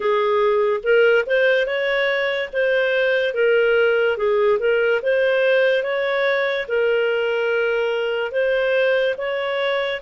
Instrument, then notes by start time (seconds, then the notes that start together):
clarinet
0.00 G#4
0.83 A#4
1.26 C5
1.66 C#5
2.52 C5
3.34 A#4
4.17 G#4
4.59 A#4
5.02 C5
5.83 C#5
6.68 A#4
8.31 C5
9.17 C#5